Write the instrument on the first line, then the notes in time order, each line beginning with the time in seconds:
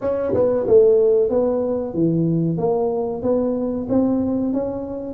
tuba
0.01 C#4
0.34 B3
0.67 A3
1.29 B3
1.94 E3
2.57 A#3
3.22 B3
3.89 C4
4.53 C#4